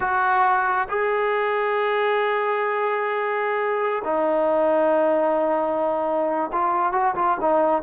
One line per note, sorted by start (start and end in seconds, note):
0.00 0.88 F#4
0.89 4.02 G#4
4.04 6.50 D#4
6.52 6.92 F4
6.92 7.14 F#4
7.15 7.37 F4
7.40 7.82 D#4